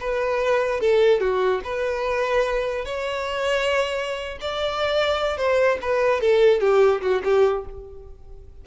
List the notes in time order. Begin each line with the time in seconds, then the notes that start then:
0.00 B4
0.81 A4
1.20 F#4
1.64 B4
2.85 C#5
4.41 D5
5.37 C5
5.82 B4
6.21 A4
6.60 G4
7.02 F#4
7.24 G4